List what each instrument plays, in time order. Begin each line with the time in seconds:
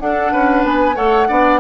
0.00 bassoon D4, clarinet D4, oboe A4, flute F#5
0.32 bassoon C#4, oboe B4
0.64 bassoon B3, flute G#5
0.95 bassoon A3, clarinet A4, oboe C#5, flute F#5
1.28 bassoon B3, clarinet D4, oboe D5